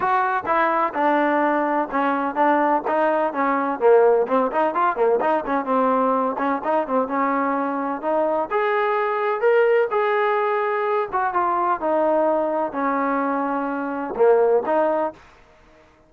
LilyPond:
\new Staff \with { instrumentName = "trombone" } { \time 4/4 \tempo 4 = 127 fis'4 e'4 d'2 | cis'4 d'4 dis'4 cis'4 | ais4 c'8 dis'8 f'8 ais8 dis'8 cis'8 | c'4. cis'8 dis'8 c'8 cis'4~ |
cis'4 dis'4 gis'2 | ais'4 gis'2~ gis'8 fis'8 | f'4 dis'2 cis'4~ | cis'2 ais4 dis'4 | }